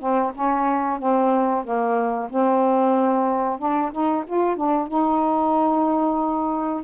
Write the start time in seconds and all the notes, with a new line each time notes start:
0.00 C4
0.35 C#4
0.99 C4
1.65 A#3
2.30 C4
3.59 D4
3.92 D#4
4.27 F4
4.57 D4
4.88 D#4